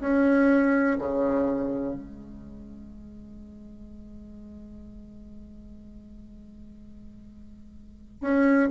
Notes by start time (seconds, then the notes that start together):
0.00 C#4
0.98 C#3
1.94 G#3
8.20 C#4